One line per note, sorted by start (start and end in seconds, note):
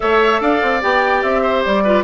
0.00 0.41 A3
0.00 0.81 A4
0.00 0.41 C#5
0.00 0.41 E5
0.41 0.61 D4
0.41 1.42 D5
0.41 0.81 F5
0.62 0.82 C4
0.81 1.23 B3
0.81 1.83 G4
0.81 1.22 G5
1.22 1.63 C4
1.22 1.63 E5
1.42 1.83 C5
1.64 2.03 G3
1.64 2.03 D5
1.83 2.03 F4
1.83 2.03 B4